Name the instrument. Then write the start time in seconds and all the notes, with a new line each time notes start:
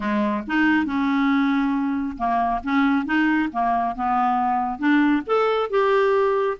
clarinet
0.00 G#3
0.47 D#4
0.85 C#4
2.17 A#3
2.63 C#4
3.05 D#4
3.52 A#3
3.95 B3
4.78 D4
5.26 A4
5.70 G4